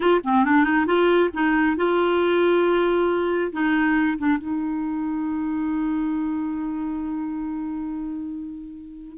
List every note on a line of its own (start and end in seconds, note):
0.00 0.20 F4
0.23 0.45 C4
0.45 0.64 D4
0.64 0.85 D#4
0.86 1.30 F4
1.33 1.77 D#4
1.77 3.52 F4
3.52 4.18 D#4
4.18 4.37 D4
4.37 9.18 D#4